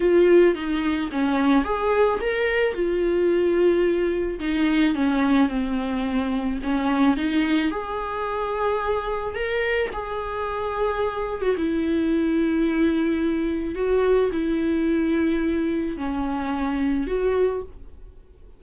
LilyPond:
\new Staff \with { instrumentName = "viola" } { \time 4/4 \tempo 4 = 109 f'4 dis'4 cis'4 gis'4 | ais'4 f'2. | dis'4 cis'4 c'2 | cis'4 dis'4 gis'2~ |
gis'4 ais'4 gis'2~ | gis'8. fis'16 e'2.~ | e'4 fis'4 e'2~ | e'4 cis'2 fis'4 | }